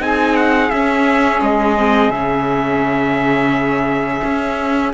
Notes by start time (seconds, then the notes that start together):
0.00 C4 D#4 G#4 G#5
0.36 F#5
0.70 C#4 E5
1.41 G#3 D#5
1.78 C4
2.09 C#3 C#4 E5
4.23 C#4